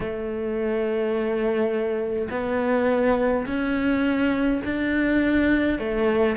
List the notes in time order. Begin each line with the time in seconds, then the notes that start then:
0.00 A3
2.30 B3
3.46 C#4
4.65 D4
5.78 A3